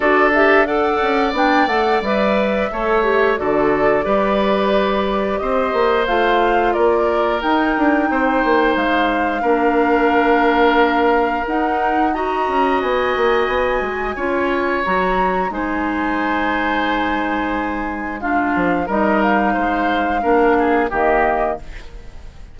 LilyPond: <<
  \new Staff \with { instrumentName = "flute" } { \time 4/4 \tempo 4 = 89 d''8 e''8 fis''4 g''8 fis''8 e''4~ | e''4 d''2. | dis''4 f''4 d''4 g''4~ | g''4 f''2.~ |
f''4 fis''4 ais''4 gis''4~ | gis''2 ais''4 gis''4~ | gis''2. f''4 | dis''8 f''2~ f''8 dis''4 | }
  \new Staff \with { instrumentName = "oboe" } { \time 4/4 a'4 d''2. | cis''4 a'4 b'2 | c''2 ais'2 | c''2 ais'2~ |
ais'2 dis''2~ | dis''4 cis''2 c''4~ | c''2. f'4 | ais'4 c''4 ais'8 gis'8 g'4 | }
  \new Staff \with { instrumentName = "clarinet" } { \time 4/4 fis'8 g'8 a'4 d'8 a'8 b'4 | a'8 g'8 fis'4 g'2~ | g'4 f'2 dis'4~ | dis'2 d'2~ |
d'4 dis'4 fis'2~ | fis'4 f'4 fis'4 dis'4~ | dis'2. d'4 | dis'2 d'4 ais4 | }
  \new Staff \with { instrumentName = "bassoon" } { \time 4/4 d'4. cis'8 b8 a8 g4 | a4 d4 g2 | c'8 ais8 a4 ais4 dis'8 d'8 | c'8 ais8 gis4 ais2~ |
ais4 dis'4. cis'8 b8 ais8 | b8 gis8 cis'4 fis4 gis4~ | gis2.~ gis8 f8 | g4 gis4 ais4 dis4 | }
>>